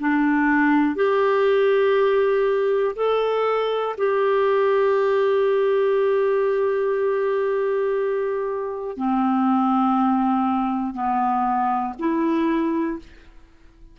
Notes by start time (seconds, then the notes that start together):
0.00 D4
0.95 G4
2.96 A4
3.97 G4
8.97 C4
10.94 B3
11.99 E4